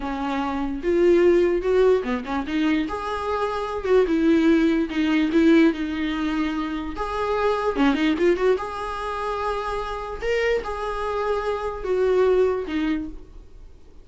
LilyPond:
\new Staff \with { instrumentName = "viola" } { \time 4/4 \tempo 4 = 147 cis'2 f'2 | fis'4 b8 cis'8 dis'4 gis'4~ | gis'4. fis'8 e'2 | dis'4 e'4 dis'2~ |
dis'4 gis'2 cis'8 dis'8 | f'8 fis'8 gis'2.~ | gis'4 ais'4 gis'2~ | gis'4 fis'2 dis'4 | }